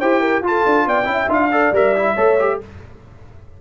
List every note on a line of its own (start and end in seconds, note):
0.00 0.42 E4
0.00 0.44 G4
0.00 0.21 C5
0.00 0.43 G5
0.21 0.42 A#4
0.42 0.63 F4
0.42 1.04 F4
0.42 0.88 A5
0.48 0.87 A4
0.66 0.86 D4
0.86 1.06 B3
0.86 1.08 D5
0.86 1.31 G5
1.04 1.28 C#4
1.04 1.26 E4
1.04 1.51 E5
1.29 1.72 D4
1.29 1.51 F4
1.29 1.76 F5
1.52 1.73 A4
1.52 2.15 D5
1.72 2.15 G3
1.72 1.96 A#4
1.72 2.61 E5
1.96 2.17 E4
2.15 2.60 A3
2.15 2.38 A4
2.15 2.58 C#5
2.40 2.61 G4